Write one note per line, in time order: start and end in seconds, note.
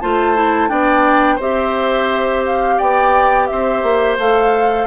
0.00 0.70 A3
0.00 0.36 F4
0.00 0.70 C5
0.00 0.69 A5
0.36 0.69 E4
0.69 1.40 B3
0.69 1.39 D4
0.69 1.36 D5
0.69 1.39 G5
1.36 2.79 C4
1.36 4.19 G4
1.36 2.75 C5
1.36 2.45 E5
2.46 2.79 F5
2.78 3.50 B3
2.78 3.48 D5
2.78 3.47 G5
3.47 3.83 C4
3.47 4.87 C5
3.47 4.17 E5
3.83 4.18 A#3
4.18 4.87 A3
4.18 4.87 A4
4.18 4.87 F5